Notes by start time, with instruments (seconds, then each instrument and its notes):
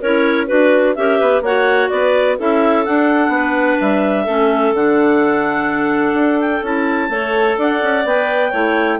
0.00 bassoon C#4, clarinet E4 A#4 C#5
0.46 bassoon D4, clarinet F#4 B4
0.94 bassoon C#4, clarinet G4 A#4 E5
1.18 bassoon B3, clarinet B4
1.41 bassoon A#3, clarinet F#4 C#5 F#5
1.89 bassoon B3, clarinet B4 D5
2.37 bassoon C#4, clarinet E4 A4 E5
2.85 clarinet D4 F#5, bassoon D4
3.28 bassoon B3, clarinet B4
3.80 bassoon G3, clarinet E5
4.24 bassoon A3, clarinet C#4 A4
4.73 bassoon D3, clarinet D4 F#5
6.13 bassoon D4
6.39 clarinet G5
6.62 bassoon C#4, clarinet E4 A5
7.08 bassoon A3, clarinet A4 C#5
7.58 bassoon D4, clarinet D5 F#5
7.82 bassoon C#4
8.05 bassoon B3, clarinet B4 G5
8.50 bassoon A3, clarinet E4 C#5